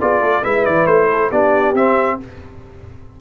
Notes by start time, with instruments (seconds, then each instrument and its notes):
0.00 tuba B3, trombone F4, horn G#4, trumpet D5
0.21 tuba A3, horn A4
0.43 tuba G#3, trombone E4, horn B4, trumpet E5
0.66 tuba E3, trumpet D5
0.87 tuba A3, trumpet C5
1.11 horn A4
1.30 tuba B3, trombone D4, horn G4, trumpet D5
1.74 tuba C4, trombone C4, trumpet E5